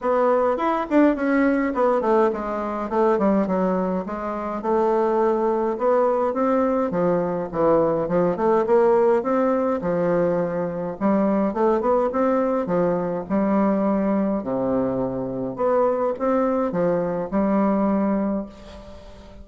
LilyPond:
\new Staff \with { instrumentName = "bassoon" } { \time 4/4 \tempo 4 = 104 b4 e'8 d'8 cis'4 b8 a8 | gis4 a8 g8 fis4 gis4 | a2 b4 c'4 | f4 e4 f8 a8 ais4 |
c'4 f2 g4 | a8 b8 c'4 f4 g4~ | g4 c2 b4 | c'4 f4 g2 | }